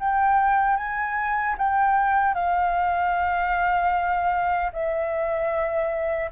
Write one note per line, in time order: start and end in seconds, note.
0.00 0.77 G5
0.77 1.56 G#5
1.58 2.35 G5
2.35 4.72 F5
4.73 6.31 E5